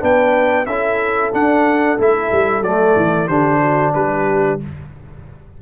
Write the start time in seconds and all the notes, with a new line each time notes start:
0.00 B3 D4 B4 G5
0.66 C#4 E4 A4 E5
1.32 D4 F#5
1.98 A3 E4 E5
2.31 G3
2.61 F#3 A3 D5
2.96 E3
3.27 D3 D4 G4 C5
3.60 F#4
3.94 G3 G4 B4